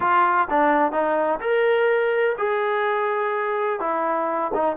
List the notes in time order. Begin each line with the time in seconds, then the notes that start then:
0.00 F4
0.50 D4
0.92 D#4
1.40 A#4
2.37 G#4
3.80 E4
4.54 D#4